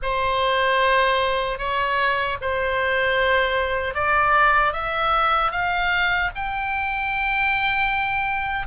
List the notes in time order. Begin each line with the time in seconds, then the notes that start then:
0.02 C5
1.58 C#5
2.41 C5
3.94 D5
4.73 E5
5.51 F5
6.35 G5